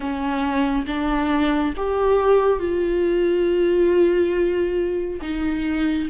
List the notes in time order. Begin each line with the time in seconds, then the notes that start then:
0.00 C#4
0.87 D4
1.76 G4
2.59 F4
5.21 D#4